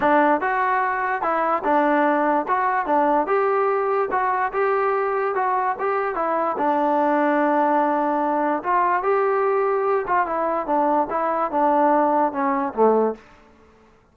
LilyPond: \new Staff \with { instrumentName = "trombone" } { \time 4/4 \tempo 4 = 146 d'4 fis'2 e'4 | d'2 fis'4 d'4 | g'2 fis'4 g'4~ | g'4 fis'4 g'4 e'4 |
d'1~ | d'4 f'4 g'2~ | g'8 f'8 e'4 d'4 e'4 | d'2 cis'4 a4 | }